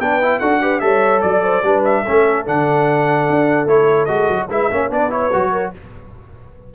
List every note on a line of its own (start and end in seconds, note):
0.00 0.41 B3
0.00 0.22 D4
0.00 0.40 B4
0.00 0.40 G5
0.22 0.42 E4
0.40 0.82 D4
0.40 0.62 F#4
0.40 0.61 A4
0.40 0.80 F#5
0.62 0.81 G4
0.62 0.82 B4
0.80 1.23 G3
0.80 1.63 A4
0.80 1.24 C#5
0.80 1.21 E5
1.22 1.63 F#3
1.22 1.83 D5
1.22 1.44 D5
1.44 1.64 C5
1.63 2.03 G3
1.63 2.06 D4
1.63 2.03 B4
1.85 2.46 E5
2.03 2.46 C#4
2.03 4.47 A4
2.09 2.47 A3
2.46 3.29 D3
2.46 3.67 D4
2.46 3.68 F#5
3.30 3.66 D4
3.66 4.07 A3
3.66 4.08 E4
3.66 4.05 C#5
4.05 4.29 G#3
4.05 4.49 F#4
4.05 4.46 D#5
4.29 4.49 F#3
4.49 4.70 G#3
4.49 4.71 E4
4.49 4.71 B4
4.49 4.92 E5
4.71 4.91 A#3
4.71 4.90 C#4
4.71 4.91 C#5
4.90 5.31 B3
4.90 5.10 D4
4.90 5.52 B4
4.90 5.12 D5
5.10 5.31 E4
5.10 5.73 C#5
5.33 5.75 F#3
5.33 5.74 F#4
5.52 5.72 A#4